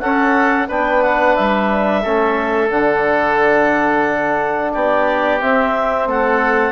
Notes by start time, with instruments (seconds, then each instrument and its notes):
0.00 bassoon C#4, trombone C#4, oboe A4, clarinet F#5
0.69 bassoon B3, trombone D4, oboe B4, clarinet G5
1.03 clarinet F#5
1.36 bassoon G3, clarinet E5
2.03 bassoon A3, trombone C#4, oboe A4
2.70 bassoon D3, trombone D4, clarinet F#5
4.72 bassoon B3, oboe G4, clarinet D5
5.41 trombone C4, bassoon C4, clarinet E5
6.07 bassoon A3, oboe A4, clarinet F#5